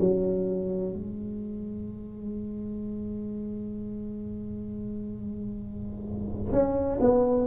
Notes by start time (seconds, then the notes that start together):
0.00 F#3
0.93 G#3
6.52 C#4
7.00 B3